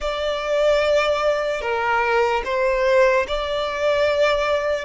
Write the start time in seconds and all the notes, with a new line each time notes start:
0.00 D5
1.61 A#4
2.45 C5
3.27 D5